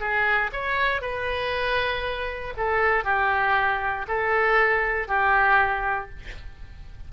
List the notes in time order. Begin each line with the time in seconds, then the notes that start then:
0.00 G#4
0.53 C#5
1.02 B4
2.57 A4
3.05 G4
4.08 A4
5.08 G4